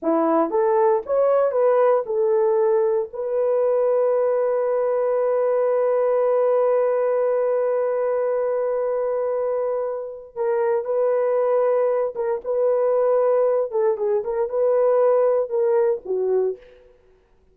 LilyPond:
\new Staff \with { instrumentName = "horn" } { \time 4/4 \tempo 4 = 116 e'4 a'4 cis''4 b'4 | a'2 b'2~ | b'1~ | b'1~ |
b'1 | ais'4 b'2~ b'8 ais'8 | b'2~ b'8 a'8 gis'8 ais'8 | b'2 ais'4 fis'4 | }